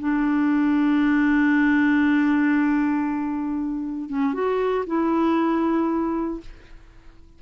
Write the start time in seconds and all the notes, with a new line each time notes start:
0.00 D4
4.10 C#4
4.34 F#4
4.87 E4